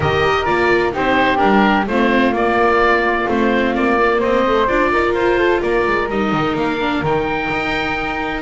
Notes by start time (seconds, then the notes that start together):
0.00 D#3 G4 A#4 D#5
0.45 A#3 F4 D5
0.92 C4 D#4 G4 C5
1.37 G3 D4 A#4
1.86 A3 C4 F4 C5
2.32 A#3 D5
3.27 A3 C4 C5
3.74 A#3 D5
3.98 A#3
4.19 C4 C5 D#5
4.46 A3
4.67 D4 F4 D5
4.92 D#4 A#4
5.12 F4 C5
5.38 A4
5.61 A#3 A#4 D5
5.86 G#3
6.08 G3 D#4 D#5
6.32 D#3
6.55 A#3 F5
6.80 D4
7.02 D#3 D#4 G5
7.51 D#4